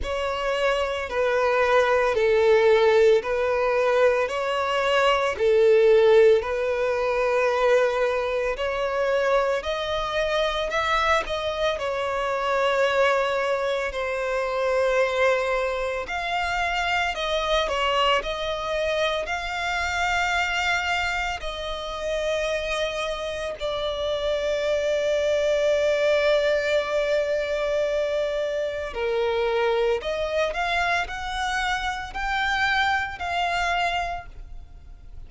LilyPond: \new Staff \with { instrumentName = "violin" } { \time 4/4 \tempo 4 = 56 cis''4 b'4 a'4 b'4 | cis''4 a'4 b'2 | cis''4 dis''4 e''8 dis''8 cis''4~ | cis''4 c''2 f''4 |
dis''8 cis''8 dis''4 f''2 | dis''2 d''2~ | d''2. ais'4 | dis''8 f''8 fis''4 g''4 f''4 | }